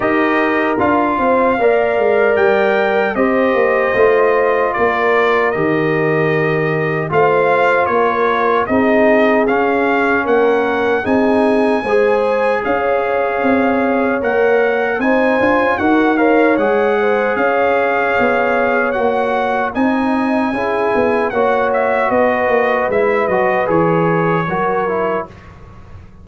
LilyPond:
<<
  \new Staff \with { instrumentName = "trumpet" } { \time 4/4 \tempo 4 = 76 dis''4 f''2 g''4 | dis''2 d''4 dis''4~ | dis''4 f''4 cis''4 dis''4 | f''4 fis''4 gis''2 |
f''2 fis''4 gis''4 | fis''8 f''8 fis''4 f''2 | fis''4 gis''2 fis''8 e''8 | dis''4 e''8 dis''8 cis''2 | }
  \new Staff \with { instrumentName = "horn" } { \time 4/4 ais'4. c''8 d''2 | c''2 ais'2~ | ais'4 c''4 ais'4 gis'4~ | gis'4 ais'4 gis'4 c''4 |
cis''2. c''4 | ais'8 cis''4 c''8 cis''2~ | cis''4 dis''4 gis'4 cis''4 | b'2. ais'4 | }
  \new Staff \with { instrumentName = "trombone" } { \time 4/4 g'4 f'4 ais'2 | g'4 f'2 g'4~ | g'4 f'2 dis'4 | cis'2 dis'4 gis'4~ |
gis'2 ais'4 dis'8 f'8 | fis'8 ais'8 gis'2. | fis'4 dis'4 e'4 fis'4~ | fis'4 e'8 fis'8 gis'4 fis'8 e'8 | }
  \new Staff \with { instrumentName = "tuba" } { \time 4/4 dis'4 d'8 c'8 ais8 gis8 g4 | c'8 ais8 a4 ais4 dis4~ | dis4 a4 ais4 c'4 | cis'4 ais4 c'4 gis4 |
cis'4 c'4 ais4 c'8 d'16 cis'16 | dis'4 gis4 cis'4 b4 | ais4 c'4 cis'8 b8 ais4 | b8 ais8 gis8 fis8 e4 fis4 | }
>>